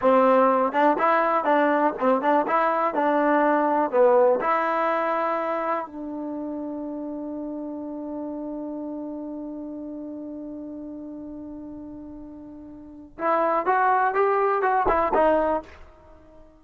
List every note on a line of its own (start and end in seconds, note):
0.01 0.72 C4
0.72 0.96 D4
0.98 1.44 E4
1.44 1.93 D4
1.99 2.21 C4
2.21 2.46 D4
2.47 2.94 E4
2.94 3.90 D4
3.90 4.39 B3
4.40 5.86 E4
5.86 13.18 D4
13.18 13.66 E4
13.66 14.14 F#4
14.14 14.62 G4
14.62 14.86 F#4
14.88 15.12 E4
15.14 15.62 D#4